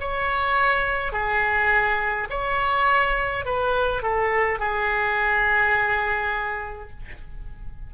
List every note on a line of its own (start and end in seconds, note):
0.00 1.13 C#5
1.13 2.28 G#4
2.30 3.45 C#5
3.45 4.02 B4
4.02 4.59 A4
4.59 6.90 G#4